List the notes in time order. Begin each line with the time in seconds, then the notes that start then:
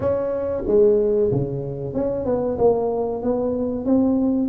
0.00 C#4
0.66 G#3
1.31 C#3
1.94 C#4
2.25 B3
2.57 A#3
3.22 B3
3.85 C4